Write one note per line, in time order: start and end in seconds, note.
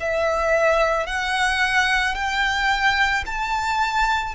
0.00 1.06 E5
1.06 2.15 F#5
2.15 3.24 G5
3.26 4.34 A5